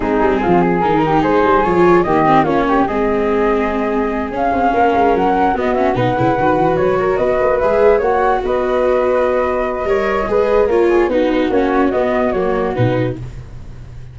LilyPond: <<
  \new Staff \with { instrumentName = "flute" } { \time 4/4 \tempo 4 = 146 gis'2 ais'4 c''4 | cis''4 dis''4 cis''4 dis''4~ | dis''2~ dis''8 f''4.~ | f''8 fis''4 dis''8 e''8 fis''4.~ |
fis''8 cis''4 dis''4 e''4 fis''8~ | fis''8 dis''2.~ dis''8~ | dis''2 cis''4 b'4 | cis''4 dis''4 cis''4 b'4 | }
  \new Staff \with { instrumentName = "flute" } { \time 4/4 dis'4 f'8 gis'4 g'8 gis'4~ | gis'4 g'4 f'8 g'8 gis'4~ | gis'2.~ gis'8 ais'8~ | ais'4. fis'4 b'4.~ |
b'4 ais'8 b'2 cis''8~ | cis''8 b'2.~ b'8 | cis''4 b'4 ais'8 gis'8 fis'4~ | fis'1 | }
  \new Staff \with { instrumentName = "viola" } { \time 4/4 c'2 dis'2 | f'4 ais8 c'8 cis'4 c'4~ | c'2~ c'8 cis'4.~ | cis'4. b8 cis'8 dis'8 e'8 fis'8~ |
fis'2~ fis'8 gis'4 fis'8~ | fis'1 | ais'4 gis'4 f'4 dis'4 | cis'4 b4 ais4 dis'4 | }
  \new Staff \with { instrumentName = "tuba" } { \time 4/4 gis8 g8 f4 dis4 gis8 g8 | f4 dis4 ais4 gis4~ | gis2~ gis8 cis'8 c'8 ais8 | gis8 fis4 b4 b,8 cis8 dis8 |
e8 fis4 b8 ais8 gis4 ais8~ | ais8 b2.~ b8 | g4 gis4 ais4 b4 | ais4 b4 fis4 b,4 | }
>>